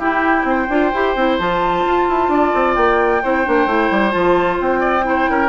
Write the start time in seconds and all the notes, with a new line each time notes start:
0.00 E4 G4 G5
0.45 C4 C5
0.70 D4 F4
0.94 E4 G4
1.16 C4 E4
1.39 F3 F4 A5
1.87 F4
2.09 E4
2.29 D4 D5
2.55 C4
2.75 A#3 G5
3.23 C4 E4 C5
3.45 A#3 D4
3.67 A3 E4
3.91 G3
4.11 F3 F4 A5
4.60 C4 G5
4.81 D5
5.03 E4
5.09 C5
5.30 C#4 A#4